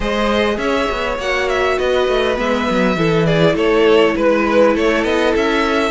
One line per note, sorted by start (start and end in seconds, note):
0.00 0.57 G#3
0.00 1.19 G#4
0.00 0.57 C5
0.00 0.58 D#5
0.57 0.87 C#4
0.57 1.78 C#5
0.57 1.17 E5
0.91 1.18 B3
1.18 1.78 A#3
1.18 2.36 F#4
1.18 1.48 F#5
1.48 1.78 E5
1.78 2.08 B3
1.78 2.96 B4
1.78 2.37 D#5
2.08 2.37 A3
2.36 2.68 G#3
2.36 2.95 B3
2.36 3.25 E5
2.70 2.96 F#3
2.96 3.55 E3
2.96 5.90 E4
2.96 3.26 A4
3.25 3.55 G#4
3.25 3.55 D5
3.55 4.14 A3
3.55 4.14 A4
3.55 4.16 C#5
4.15 4.75 G#3
4.15 4.74 B4
4.15 4.76 B4
4.74 5.03 A3
4.74 5.90 A4
4.74 5.04 C#5
5.03 5.33 B3
5.03 5.33 D#5
5.36 5.90 C#4
5.36 5.90 E5